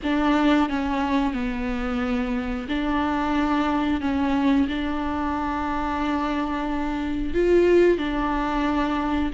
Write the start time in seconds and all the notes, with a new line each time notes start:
0.03 D4
0.68 C#4
1.33 B3
2.68 D4
4.01 C#4
4.68 D4
7.34 F4
7.98 D4